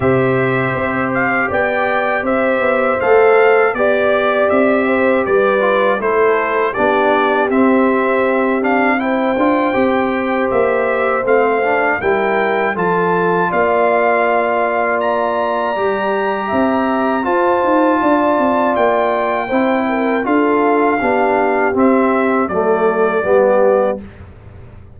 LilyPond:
<<
  \new Staff \with { instrumentName = "trumpet" } { \time 4/4 \tempo 4 = 80 e''4. f''8 g''4 e''4 | f''4 d''4 e''4 d''4 | c''4 d''4 e''4. f''8 | g''2 e''4 f''4 |
g''4 a''4 f''2 | ais''2. a''4~ | a''4 g''2 f''4~ | f''4 e''4 d''2 | }
  \new Staff \with { instrumentName = "horn" } { \time 4/4 c''2 d''4 c''4~ | c''4 d''4. c''8 b'4 | a'4 g'2. | c''1 |
ais'4 a'4 d''2~ | d''2 e''4 c''4 | d''2 c''8 ais'8 a'4 | g'2 a'4 g'4 | }
  \new Staff \with { instrumentName = "trombone" } { \time 4/4 g'1 | a'4 g'2~ g'8 f'8 | e'4 d'4 c'4. d'8 | e'8 f'8 g'2 c'8 d'8 |
e'4 f'2.~ | f'4 g'2 f'4~ | f'2 e'4 f'4 | d'4 c'4 a4 b4 | }
  \new Staff \with { instrumentName = "tuba" } { \time 4/4 c4 c'4 b4 c'8 b8 | a4 b4 c'4 g4 | a4 b4 c'2~ | c'8 d'8 c'4 ais4 a4 |
g4 f4 ais2~ | ais4 g4 c'4 f'8 dis'8 | d'8 c'8 ais4 c'4 d'4 | b4 c'4 fis4 g4 | }
>>